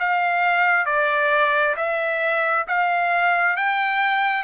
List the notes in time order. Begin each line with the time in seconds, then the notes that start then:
0.00 F5
0.86 D5
1.77 E5
2.68 F5
3.57 G5